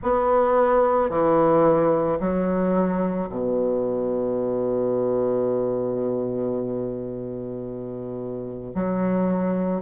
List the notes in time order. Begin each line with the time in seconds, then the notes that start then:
0.02 B3
1.09 E3
2.20 F#3
3.29 B2
8.74 F#3